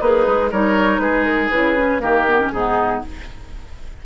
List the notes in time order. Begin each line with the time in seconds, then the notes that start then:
0.00 A#3 D#4 G#4 B4
0.27 G#3
0.51 G3 D#4 A#4 C#5
0.99 G#3 G#4 B4
1.24 A#4
1.50 C#3 E4 B4
1.77 C#4
2.00 D#3 A#3 G4 A#4
2.27 B3
2.40 C#4
2.51 G#2 B3 D#4 G#4